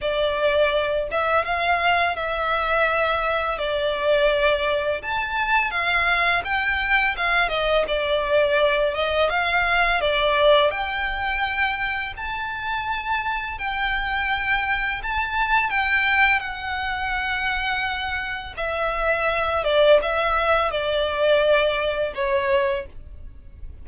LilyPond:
\new Staff \with { instrumentName = "violin" } { \time 4/4 \tempo 4 = 84 d''4. e''8 f''4 e''4~ | e''4 d''2 a''4 | f''4 g''4 f''8 dis''8 d''4~ | d''8 dis''8 f''4 d''4 g''4~ |
g''4 a''2 g''4~ | g''4 a''4 g''4 fis''4~ | fis''2 e''4. d''8 | e''4 d''2 cis''4 | }